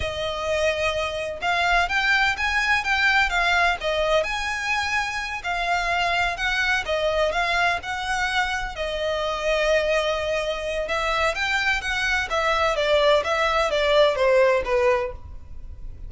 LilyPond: \new Staff \with { instrumentName = "violin" } { \time 4/4 \tempo 4 = 127 dis''2. f''4 | g''4 gis''4 g''4 f''4 | dis''4 gis''2~ gis''8 f''8~ | f''4. fis''4 dis''4 f''8~ |
f''8 fis''2 dis''4.~ | dis''2. e''4 | g''4 fis''4 e''4 d''4 | e''4 d''4 c''4 b'4 | }